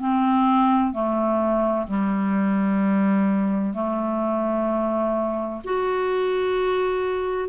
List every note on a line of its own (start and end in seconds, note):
0.00 0.93 C4
0.93 1.87 A3
1.88 3.74 G3
3.74 5.62 A3
5.65 7.49 F#4